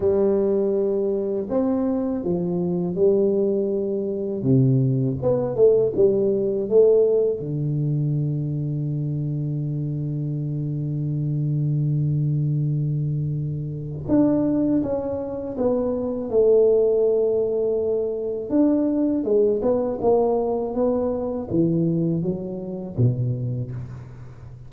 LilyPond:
\new Staff \with { instrumentName = "tuba" } { \time 4/4 \tempo 4 = 81 g2 c'4 f4 | g2 c4 b8 a8 | g4 a4 d2~ | d1~ |
d2. d'4 | cis'4 b4 a2~ | a4 d'4 gis8 b8 ais4 | b4 e4 fis4 b,4 | }